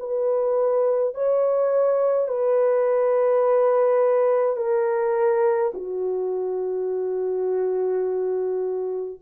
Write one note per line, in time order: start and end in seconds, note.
0.00 1.15 B4
1.15 2.28 C#5
2.28 4.57 B4
4.57 5.72 A#4
5.74 9.20 F#4